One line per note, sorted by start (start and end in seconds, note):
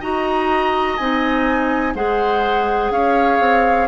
0.00 0.98 D#4
0.00 0.98 F#4
0.00 1.94 D#5
0.00 0.97 A#5
0.97 1.95 C4
0.97 1.95 D#4
0.97 1.94 G#5
1.95 2.90 G#3
1.95 3.87 G#4
1.95 2.92 C5
1.95 2.92 F#5
2.90 3.39 C#4
2.90 3.87 C#5
2.90 3.87 F5
3.39 3.87 C4